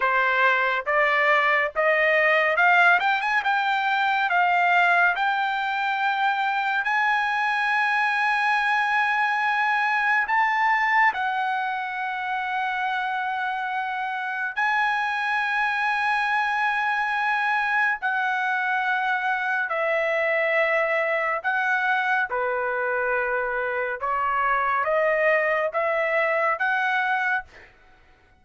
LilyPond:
\new Staff \with { instrumentName = "trumpet" } { \time 4/4 \tempo 4 = 70 c''4 d''4 dis''4 f''8 g''16 gis''16 | g''4 f''4 g''2 | gis''1 | a''4 fis''2.~ |
fis''4 gis''2.~ | gis''4 fis''2 e''4~ | e''4 fis''4 b'2 | cis''4 dis''4 e''4 fis''4 | }